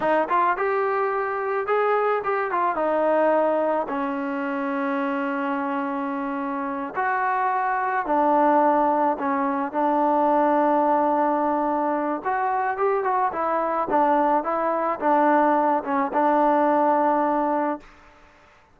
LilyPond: \new Staff \with { instrumentName = "trombone" } { \time 4/4 \tempo 4 = 108 dis'8 f'8 g'2 gis'4 | g'8 f'8 dis'2 cis'4~ | cis'1~ | cis'8 fis'2 d'4.~ |
d'8 cis'4 d'2~ d'8~ | d'2 fis'4 g'8 fis'8 | e'4 d'4 e'4 d'4~ | d'8 cis'8 d'2. | }